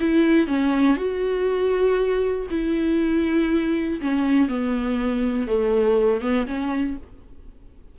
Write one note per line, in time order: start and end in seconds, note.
0.00 0.47 E4
0.47 0.97 C#4
0.97 2.47 F#4
2.50 4.00 E4
4.01 4.48 C#4
4.48 5.47 B3
5.47 6.21 A3
6.21 6.46 B3
6.47 6.97 C#4